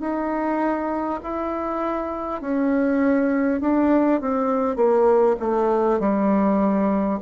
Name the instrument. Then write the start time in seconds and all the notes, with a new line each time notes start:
bassoon
0.00 D#4
1.22 E4
2.41 C#4
3.61 D4
4.21 C4
4.76 A#3
5.39 A3
5.99 G3